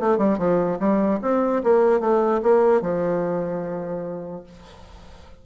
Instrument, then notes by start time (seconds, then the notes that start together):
bassoon
0.00 A3
0.18 G3
0.38 F3
0.79 G3
1.22 C4
1.64 A#3
2.00 A3
2.43 A#3
2.82 F3